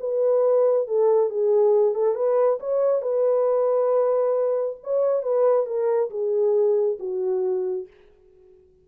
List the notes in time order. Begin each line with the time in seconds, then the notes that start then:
0.00 B4
0.87 A4
1.30 G#4
1.95 A4
2.15 B4
2.60 C#5
3.02 B4
4.83 C#5
5.23 B4
5.66 A#4
6.10 G#4
7.00 F#4